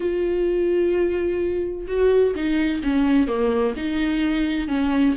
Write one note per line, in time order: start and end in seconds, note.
0.00 1.86 F4
1.87 2.34 F#4
2.35 2.82 D#4
2.83 3.27 C#4
3.27 3.74 A#3
3.76 4.68 D#4
4.68 5.15 C#4